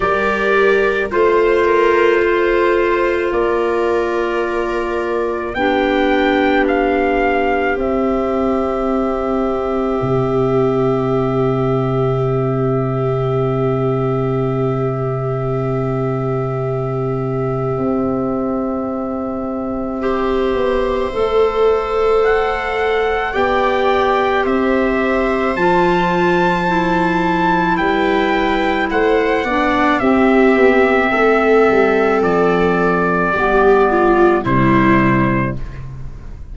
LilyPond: <<
  \new Staff \with { instrumentName = "trumpet" } { \time 4/4 \tempo 4 = 54 d''4 c''2 d''4~ | d''4 g''4 f''4 e''4~ | e''1~ | e''1~ |
e''1 | fis''4 g''4 e''4 a''4~ | a''4 g''4 fis''4 e''4~ | e''4 d''2 c''4 | }
  \new Staff \with { instrumentName = "viola" } { \time 4/4 ais'4 c''8 ais'8 c''4 ais'4~ | ais'4 g'2.~ | g'1~ | g'1~ |
g'2 c''2~ | c''4 d''4 c''2~ | c''4 b'4 c''8 d''8 g'4 | a'2 g'8 f'8 e'4 | }
  \new Staff \with { instrumentName = "clarinet" } { \time 4/4 g'4 f'2.~ | f'4 d'2 c'4~ | c'1~ | c'1~ |
c'2 g'4 a'4~ | a'4 g'2 f'4 | e'2~ e'8 d'8 c'4~ | c'2 b4 g4 | }
  \new Staff \with { instrumentName = "tuba" } { \time 4/4 g4 a2 ais4~ | ais4 b2 c'4~ | c'4 c2.~ | c1 |
c'2~ c'8 b8 a4~ | a4 b4 c'4 f4~ | f4 g4 a8 b8 c'8 b8 | a8 g8 f4 g4 c4 | }
>>